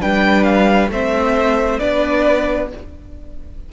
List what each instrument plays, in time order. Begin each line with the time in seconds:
0.00 cello G3, viola D4, violin B4 G5
0.43 violin F5
0.88 cello A3, viola C4, violin C5 E5
1.79 cello B3, viola D4, violin B4 D5